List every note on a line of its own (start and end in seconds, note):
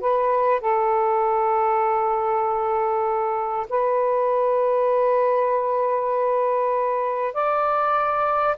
0.00 0.60 B4
0.60 3.67 A4
3.69 7.34 B4
7.34 8.56 D5